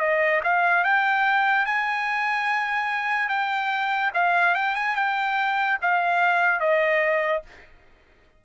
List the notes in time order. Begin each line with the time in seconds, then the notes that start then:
0.00 D#5
0.44 F5
0.84 G5
1.66 G#5
3.29 G5
4.14 F5
4.55 G5
4.75 G#5
4.96 G5
5.82 F5
6.61 D#5